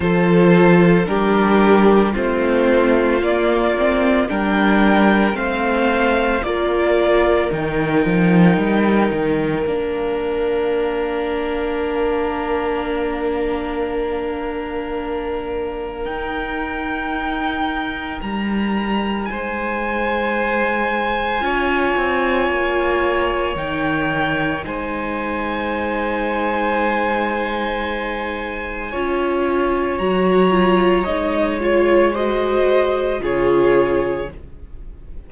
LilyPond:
<<
  \new Staff \with { instrumentName = "violin" } { \time 4/4 \tempo 4 = 56 c''4 ais'4 c''4 d''4 | g''4 f''4 d''4 g''4~ | g''4 f''2.~ | f''2. g''4~ |
g''4 ais''4 gis''2~ | gis''2 g''4 gis''4~ | gis''1 | ais''4 dis''8 cis''8 dis''4 cis''4 | }
  \new Staff \with { instrumentName = "violin" } { \time 4/4 a'4 g'4 f'2 | ais'4 c''4 ais'2~ | ais'1~ | ais'1~ |
ais'2 c''2 | cis''2. c''4~ | c''2. cis''4~ | cis''2 c''4 gis'4 | }
  \new Staff \with { instrumentName = "viola" } { \time 4/4 f'4 d'4 c'4 ais8 c'8 | d'4 c'4 f'4 dis'4~ | dis'4 d'2.~ | d'2. dis'4~ |
dis'1 | f'2 dis'2~ | dis'2. f'4 | fis'8 f'8 dis'8 f'8 fis'4 f'4 | }
  \new Staff \with { instrumentName = "cello" } { \time 4/4 f4 g4 a4 ais4 | g4 a4 ais4 dis8 f8 | g8 dis8 ais2.~ | ais2. dis'4~ |
dis'4 g4 gis2 | cis'8 c'8 ais4 dis4 gis4~ | gis2. cis'4 | fis4 gis2 cis4 | }
>>